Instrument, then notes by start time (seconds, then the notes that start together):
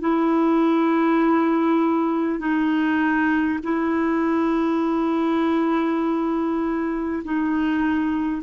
clarinet
0.00 E4
2.39 D#4
3.63 E4
7.24 D#4